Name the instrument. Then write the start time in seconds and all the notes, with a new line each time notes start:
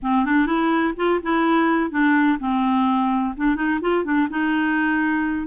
clarinet
0.02 C4
0.25 D4
0.46 E4
0.96 F4
1.22 E4
1.90 D4
2.39 C4
3.36 D4
3.55 D#4
3.81 F4
4.04 D4
4.30 D#4